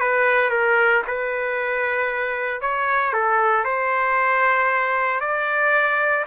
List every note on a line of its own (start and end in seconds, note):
0.00 0.50 B4
0.50 1.02 A#4
1.07 2.61 B4
2.61 3.13 C#5
3.13 3.64 A4
3.64 5.20 C5
5.20 6.24 D5